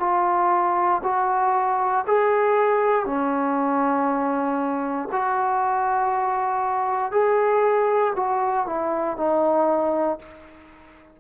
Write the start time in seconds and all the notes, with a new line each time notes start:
0.00 F4
1.04 F#4
2.07 G#4
3.06 C#4
5.12 F#4
7.11 G#4
8.15 F#4
8.66 E4
9.17 D#4